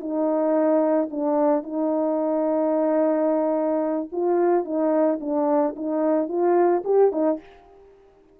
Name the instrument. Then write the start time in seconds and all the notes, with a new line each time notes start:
horn
0.00 D#4
1.11 D4
1.63 D#4
4.12 F4
4.64 D#4
5.20 D4
5.76 D#4
6.28 F4
6.84 G4
7.12 D#4